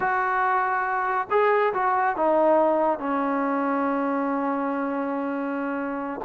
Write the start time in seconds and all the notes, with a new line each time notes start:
0.00 F#4
1.30 G#4
1.73 F#4
2.16 D#4
2.99 C#4